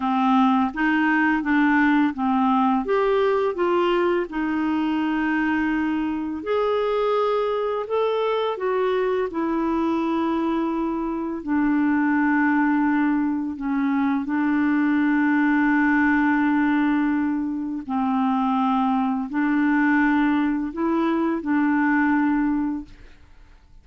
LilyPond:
\new Staff \with { instrumentName = "clarinet" } { \time 4/4 \tempo 4 = 84 c'4 dis'4 d'4 c'4 | g'4 f'4 dis'2~ | dis'4 gis'2 a'4 | fis'4 e'2. |
d'2. cis'4 | d'1~ | d'4 c'2 d'4~ | d'4 e'4 d'2 | }